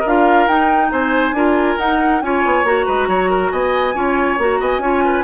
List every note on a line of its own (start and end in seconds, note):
0.00 0.47 D4
0.00 0.87 A#4
0.07 0.49 F4
0.07 0.47 F5
0.47 0.91 D#4
0.47 1.35 D#4
0.47 0.91 G5
0.91 1.32 C4
0.91 1.35 C5
0.91 1.78 G#5
1.32 1.75 D4
1.32 1.79 F4
1.32 2.23 A#4
1.78 2.21 D#4
1.78 2.22 D#4
1.78 2.21 F#5
2.21 2.43 C#4
2.21 2.65 F4
2.21 2.86 C#5
2.21 2.65 G#5
2.45 2.64 B3
2.64 2.85 A#3
2.64 3.94 F#4
2.64 3.51 A#5
2.86 3.08 G#3
2.86 3.08 B4
3.08 3.51 F#3
3.08 3.30 C#5
3.30 3.52 A#4
3.51 3.94 B3
3.51 3.95 D#5
3.51 4.38 G#5
3.94 4.38 C#4
3.94 4.38 F4
3.94 4.60 C#5
4.38 4.60 A#3
4.38 4.82 F#4
4.38 4.62 A#5
4.60 4.78 B3
4.60 4.82 D#5
4.60 5.24 G#5
4.78 5.22 C#4
4.78 5.24 F4
4.78 5.04 C#5
5.04 5.24 B4